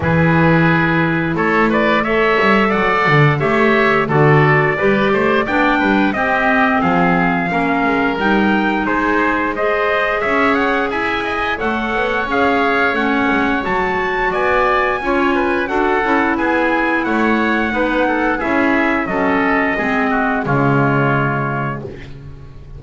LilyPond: <<
  \new Staff \with { instrumentName = "trumpet" } { \time 4/4 \tempo 4 = 88 b'2 cis''8 d''8 e''4 | fis''4 e''4 d''2 | g''4 dis''4 f''2 | g''4 c''4 dis''4 e''8 fis''8 |
gis''4 fis''4 f''4 fis''4 | a''4 gis''2 fis''4 | gis''4 fis''2 e''4 | dis''2 cis''2 | }
  \new Staff \with { instrumentName = "oboe" } { \time 4/4 gis'2 a'8 b'8 cis''4 | d''4 cis''4 a'4 b'8 c''8 | d''8 b'8 g'4 gis'4 ais'4~ | ais'4 gis'4 c''4 cis''4 |
e''8 dis''8 cis''2.~ | cis''4 d''4 cis''8 b'8 a'4 | gis'4 cis''4 b'8 a'8 gis'4 | a'4 gis'8 fis'8 f'2 | }
  \new Staff \with { instrumentName = "clarinet" } { \time 4/4 e'2. a'4~ | a'4 g'4 fis'4 g'4 | d'4 c'2 cis'4 | dis'2 gis'2~ |
gis'4 a'4 gis'4 cis'4 | fis'2 f'4 fis'8 e'8~ | e'2 dis'4 e'4 | cis'4 c'4 gis2 | }
  \new Staff \with { instrumentName = "double bass" } { \time 4/4 e2 a4. g8 | fis8 d8 a4 d4 g8 a8 | b8 g8 c'4 f4 ais8 gis8 | g4 gis2 cis'4 |
e'4 a8 b8 cis'4 a8 gis8 | fis4 b4 cis'4 d'8 cis'8 | b4 a4 b4 cis'4 | fis4 gis4 cis2 | }
>>